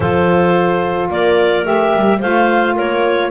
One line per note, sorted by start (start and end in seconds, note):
0.00 1.09 F3
0.00 1.63 F4
0.00 1.10 A4
0.00 1.10 C5
1.10 1.65 A#3
1.10 2.19 A#4
1.10 1.65 D5
1.63 1.92 A3
1.63 2.18 G4
1.63 2.20 E5
1.94 2.22 G3
2.19 2.77 A3
2.19 3.30 F4
2.19 2.74 C5
2.19 2.76 F5
2.74 3.30 A#3
2.74 3.29 A#4
2.74 3.30 C#5